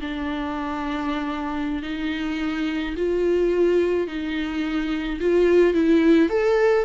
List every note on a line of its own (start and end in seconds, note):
0.00 1.82 D4
1.82 2.94 D#4
2.96 4.07 F4
4.07 5.19 D#4
5.20 5.73 F4
5.73 6.29 E4
6.29 6.85 A4